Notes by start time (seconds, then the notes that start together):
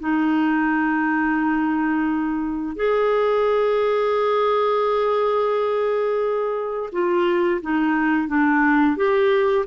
0.00 D#4
2.76 G#4
6.92 F4
7.62 D#4
8.28 D4
8.97 G4